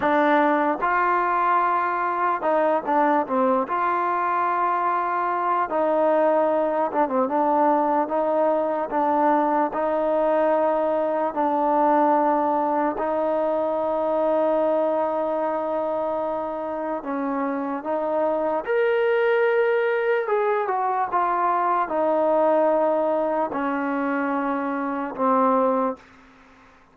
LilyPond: \new Staff \with { instrumentName = "trombone" } { \time 4/4 \tempo 4 = 74 d'4 f'2 dis'8 d'8 | c'8 f'2~ f'8 dis'4~ | dis'8 d'16 c'16 d'4 dis'4 d'4 | dis'2 d'2 |
dis'1~ | dis'4 cis'4 dis'4 ais'4~ | ais'4 gis'8 fis'8 f'4 dis'4~ | dis'4 cis'2 c'4 | }